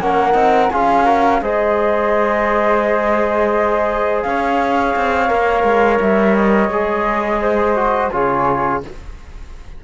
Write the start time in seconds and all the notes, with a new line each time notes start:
0.00 A#3 C#4 A#4 F#5
0.33 C4 D#4
0.71 C#4 F4 G#4 F5
1.05 F#4 A#4
1.42 G#3 G#4 C5 D#5
4.22 C#4 C#5 F5
4.96 C4
5.28 A#3 A#4
5.64 G#3
6.01 G3 E5
6.35 D#5
6.69 G#3 G#4
7.41 C5
7.76 F#4
8.12 C#3 F4 G#4 C#5